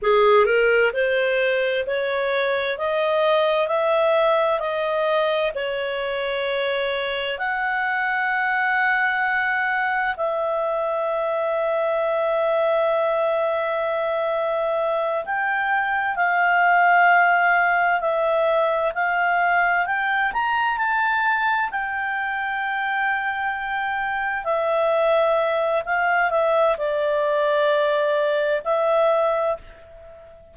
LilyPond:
\new Staff \with { instrumentName = "clarinet" } { \time 4/4 \tempo 4 = 65 gis'8 ais'8 c''4 cis''4 dis''4 | e''4 dis''4 cis''2 | fis''2. e''4~ | e''1~ |
e''8 g''4 f''2 e''8~ | e''8 f''4 g''8 ais''8 a''4 g''8~ | g''2~ g''8 e''4. | f''8 e''8 d''2 e''4 | }